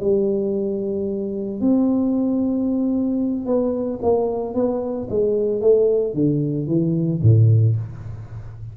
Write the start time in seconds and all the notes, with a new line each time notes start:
0.00 G3
1.61 C4
3.46 B3
4.03 A#3
4.54 B3
5.10 G#3
5.61 A3
6.14 D3
6.67 E3
7.22 A2